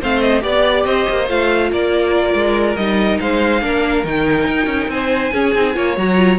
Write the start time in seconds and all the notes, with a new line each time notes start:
0.00 A3 C4 C5 F5
0.20 D#5
0.41 B3 G4 D5
0.85 C4 C5 D#5
1.09 A#3
1.29 A3 F4 F5
1.71 A#3 A#4 D5
2.34 G#3
2.76 G3 D#4 D#5
3.20 G#3 C5 F5
3.62 A#3 D4 A#4
4.04 D#3 D#4 G5
4.47 D#4
4.66 C#4
4.88 C4 C5 G#5
5.33 C#4 G#4
5.55 C4 D#4
5.74 A#3 F4 C#5
5.97 F#3 F#4 A#5
6.17 F4